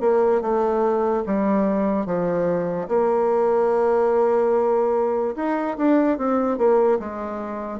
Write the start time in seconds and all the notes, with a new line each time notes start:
0.00 A#3
0.41 A3
1.26 G3
2.06 F3
2.88 A#3
5.36 D#4
5.77 D4
6.18 C4
6.58 A#3
6.99 G#3